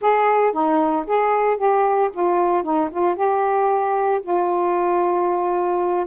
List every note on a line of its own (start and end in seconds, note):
0.01 0.52 G#4
0.52 1.05 D#4
1.06 1.57 G#4
1.57 2.09 G4
2.13 2.63 F4
2.63 2.89 D#4
2.91 3.15 F4
3.15 4.20 G4
4.22 6.06 F4